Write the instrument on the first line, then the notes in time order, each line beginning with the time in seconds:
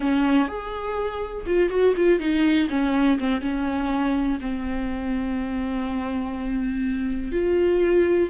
viola
0.00 C#4
0.47 G#4
1.46 F4
1.69 F#4
1.96 F4
2.19 D#4
2.69 C#4
3.19 C4
3.41 C#4
4.40 C4
7.32 F4